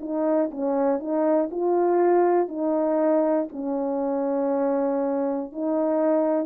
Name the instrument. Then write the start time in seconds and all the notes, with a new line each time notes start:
horn
0.00 D#4
0.51 C#4
1.00 D#4
1.51 F4
2.48 D#4
3.52 C#4
5.52 D#4